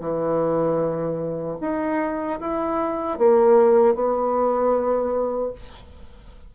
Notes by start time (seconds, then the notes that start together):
0.00 E3
1.60 D#4
2.40 E4
3.18 A#3
3.94 B3